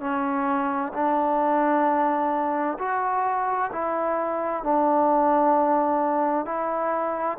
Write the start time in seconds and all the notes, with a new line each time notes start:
0.00 C#4
0.93 D4
2.78 F#4
3.72 E4
4.63 D4
6.45 E4